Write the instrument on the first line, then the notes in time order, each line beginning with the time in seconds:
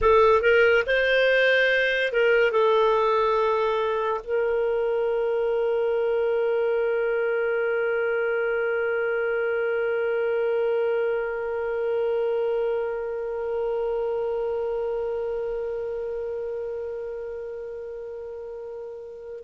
clarinet
0.01 A4
0.41 A#4
0.86 C5
2.12 A#4
2.51 A4
4.23 A#4